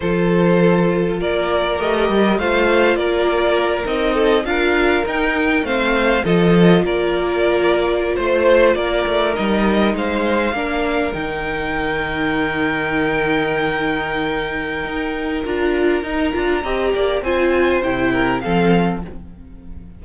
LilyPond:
<<
  \new Staff \with { instrumentName = "violin" } { \time 4/4 \tempo 4 = 101 c''2 d''4 dis''4 | f''4 d''4. dis''4 f''8~ | f''8 g''4 f''4 dis''4 d''8~ | d''4.~ d''16 c''4 d''4 dis''16~ |
dis''8. f''2 g''4~ g''16~ | g''1~ | g''2 ais''2~ | ais''4 gis''4 g''4 f''4 | }
  \new Staff \with { instrumentName = "violin" } { \time 4/4 a'2 ais'2 | c''4 ais'2 a'8 ais'8~ | ais'4. c''4 a'4 ais'8~ | ais'4.~ ais'16 c''4 ais'4~ ais'16~ |
ais'8. c''4 ais'2~ ais'16~ | ais'1~ | ais'1 | dis''8 d''8 c''4. ais'8 a'4 | }
  \new Staff \with { instrumentName = "viola" } { \time 4/4 f'2. g'4 | f'2~ f'8 dis'4 f'8~ | f'8 dis'4 c'4 f'4.~ | f'2.~ f'8. dis'16~ |
dis'4.~ dis'16 d'4 dis'4~ dis'16~ | dis'1~ | dis'2 f'4 dis'8 f'8 | g'4 f'4 e'4 c'4 | }
  \new Staff \with { instrumentName = "cello" } { \time 4/4 f2 ais4 a8 g8 | a4 ais4. c'4 d'8~ | d'8 dis'4 a4 f4 ais8~ | ais4.~ ais16 a4 ais8 a8 g16~ |
g8. gis4 ais4 dis4~ dis16~ | dis1~ | dis4 dis'4 d'4 dis'8 d'8 | c'8 ais8 c'4 c4 f4 | }
>>